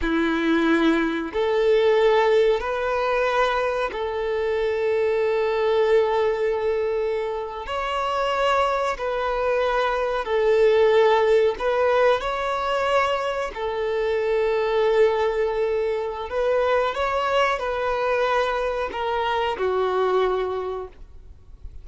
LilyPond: \new Staff \with { instrumentName = "violin" } { \time 4/4 \tempo 4 = 92 e'2 a'2 | b'2 a'2~ | a'2.~ a'8. cis''16~ | cis''4.~ cis''16 b'2 a'16~ |
a'4.~ a'16 b'4 cis''4~ cis''16~ | cis''8. a'2.~ a'16~ | a'4 b'4 cis''4 b'4~ | b'4 ais'4 fis'2 | }